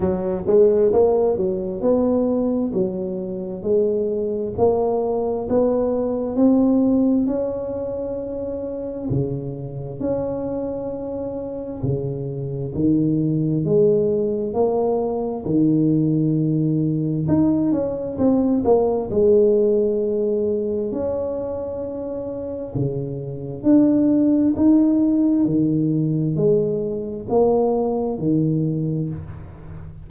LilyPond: \new Staff \with { instrumentName = "tuba" } { \time 4/4 \tempo 4 = 66 fis8 gis8 ais8 fis8 b4 fis4 | gis4 ais4 b4 c'4 | cis'2 cis4 cis'4~ | cis'4 cis4 dis4 gis4 |
ais4 dis2 dis'8 cis'8 | c'8 ais8 gis2 cis'4~ | cis'4 cis4 d'4 dis'4 | dis4 gis4 ais4 dis4 | }